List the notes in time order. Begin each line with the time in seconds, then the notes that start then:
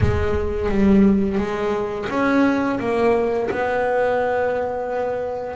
0.00 G#3
0.69 G3
1.38 G#3
2.09 C#4
2.79 A#3
3.50 B3